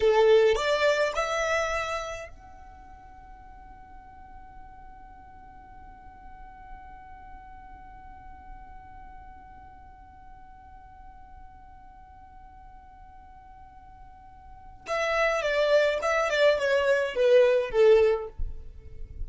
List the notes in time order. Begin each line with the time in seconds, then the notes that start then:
0.00 A4
0.55 D5
1.15 E5
2.29 F#5
14.87 E5
15.42 D5
16.02 E5
16.30 D5
16.59 C#5
17.15 B4
17.71 A4